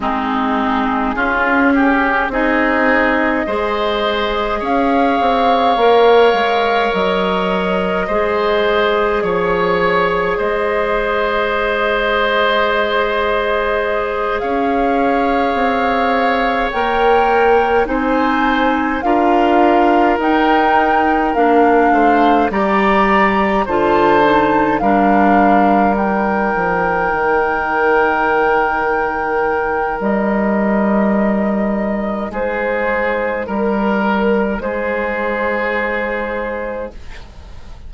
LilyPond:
<<
  \new Staff \with { instrumentName = "flute" } { \time 4/4 \tempo 4 = 52 gis'2 dis''2 | f''2 dis''2 | cis''4 dis''2.~ | dis''8 f''2 g''4 gis''8~ |
gis''8 f''4 g''4 f''4 ais''8~ | ais''8 a''4 f''4 g''4.~ | g''2 dis''2 | c''4 ais'4 c''2 | }
  \new Staff \with { instrumentName = "oboe" } { \time 4/4 dis'4 f'8 g'8 gis'4 c''4 | cis''2. c''4 | cis''4 c''2.~ | c''8 cis''2. c''8~ |
c''8 ais'2~ ais'8 c''8 d''8~ | d''8 c''4 ais'2~ ais'8~ | ais'1 | gis'4 ais'4 gis'2 | }
  \new Staff \with { instrumentName = "clarinet" } { \time 4/4 c'4 cis'4 dis'4 gis'4~ | gis'4 ais'2 gis'4~ | gis'1~ | gis'2~ gis'8 ais'4 dis'8~ |
dis'8 f'4 dis'4 d'4 g'8~ | g'8 f'8 dis'8 d'4 dis'4.~ | dis'1~ | dis'1 | }
  \new Staff \with { instrumentName = "bassoon" } { \time 4/4 gis4 cis'4 c'4 gis4 | cis'8 c'8 ais8 gis8 fis4 gis4 | f4 gis2.~ | gis8 cis'4 c'4 ais4 c'8~ |
c'8 d'4 dis'4 ais8 a8 g8~ | g8 d4 g4. f8 dis8~ | dis2 g2 | gis4 g4 gis2 | }
>>